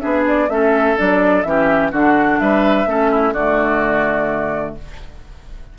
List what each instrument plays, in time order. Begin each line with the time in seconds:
0.00 bassoon B3, clarinet D4, oboe G#4, flute E5
0.27 flute D5
0.49 bassoon A3, clarinet C#4, oboe A4, flute E5
0.96 bassoon F#3, clarinet D4, flute D5
1.43 bassoon E3, clarinet C#4, oboe G4, flute E5
1.92 bassoon D3, clarinet D4, oboe F#4, flute F#5
2.40 bassoon G3, oboe B4, flute E5
2.86 bassoon A3, clarinet C#4, oboe A4
3.11 oboe E4
3.33 bassoon D3, clarinet A3, oboe F#4, flute D5